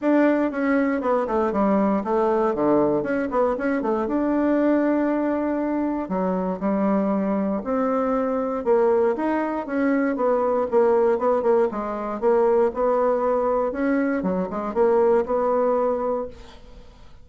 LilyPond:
\new Staff \with { instrumentName = "bassoon" } { \time 4/4 \tempo 4 = 118 d'4 cis'4 b8 a8 g4 | a4 d4 cis'8 b8 cis'8 a8 | d'1 | fis4 g2 c'4~ |
c'4 ais4 dis'4 cis'4 | b4 ais4 b8 ais8 gis4 | ais4 b2 cis'4 | fis8 gis8 ais4 b2 | }